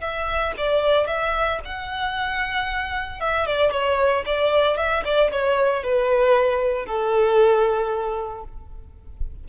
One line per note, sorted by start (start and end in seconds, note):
0.00 0.53 E5
0.57 1.06 D5
1.06 1.59 E5
1.65 3.20 F#5
3.20 3.46 E5
3.46 3.71 D5
3.71 4.24 C#5
4.26 4.77 D5
4.77 5.03 E5
5.04 5.31 D5
5.31 5.83 C#5
5.83 6.85 B4
6.85 8.43 A4